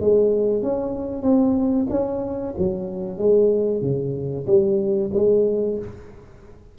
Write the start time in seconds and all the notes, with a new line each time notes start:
0.00 G#3
0.62 C#4
1.23 C4
1.90 C#4
2.58 F#3
3.18 G#3
3.82 C#3
4.47 G3
5.14 G#3